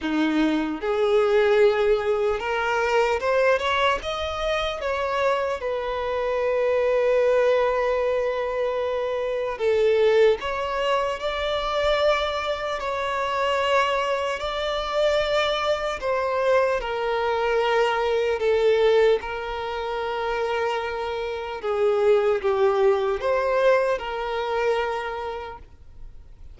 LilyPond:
\new Staff \with { instrumentName = "violin" } { \time 4/4 \tempo 4 = 75 dis'4 gis'2 ais'4 | c''8 cis''8 dis''4 cis''4 b'4~ | b'1 | a'4 cis''4 d''2 |
cis''2 d''2 | c''4 ais'2 a'4 | ais'2. gis'4 | g'4 c''4 ais'2 | }